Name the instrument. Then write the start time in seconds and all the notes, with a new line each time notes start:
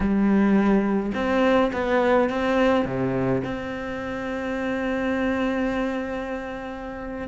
cello
0.00 G3
1.14 C4
1.72 B3
2.29 C4
2.85 C3
3.43 C4